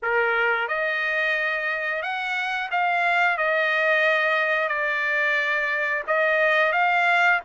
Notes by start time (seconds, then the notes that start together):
0.02 A#4
0.67 D#5
2.02 F#5
2.71 F5
3.37 D#5
4.68 D5
6.07 D#5
6.72 F5